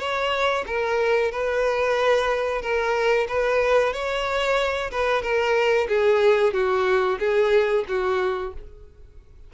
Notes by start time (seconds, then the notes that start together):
0.00 C#5
0.67 A#4
1.32 B4
2.62 A#4
3.28 B4
3.93 C#5
4.91 B4
5.23 A#4
5.88 G#4
6.54 F#4
7.20 G#4
7.88 F#4